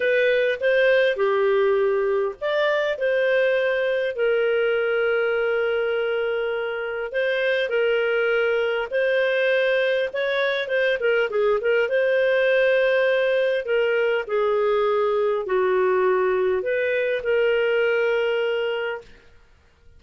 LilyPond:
\new Staff \with { instrumentName = "clarinet" } { \time 4/4 \tempo 4 = 101 b'4 c''4 g'2 | d''4 c''2 ais'4~ | ais'1 | c''4 ais'2 c''4~ |
c''4 cis''4 c''8 ais'8 gis'8 ais'8 | c''2. ais'4 | gis'2 fis'2 | b'4 ais'2. | }